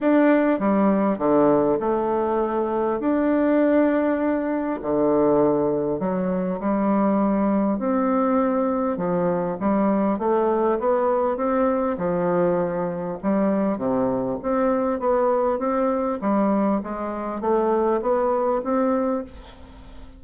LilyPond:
\new Staff \with { instrumentName = "bassoon" } { \time 4/4 \tempo 4 = 100 d'4 g4 d4 a4~ | a4 d'2. | d2 fis4 g4~ | g4 c'2 f4 |
g4 a4 b4 c'4 | f2 g4 c4 | c'4 b4 c'4 g4 | gis4 a4 b4 c'4 | }